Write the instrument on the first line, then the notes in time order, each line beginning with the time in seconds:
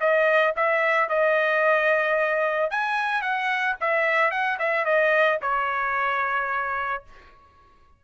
trumpet
0.00 D#5
0.56 E5
1.09 D#5
2.70 G#5
3.22 F#5
3.80 E5
4.31 F#5
4.59 E5
4.85 D#5
5.42 C#5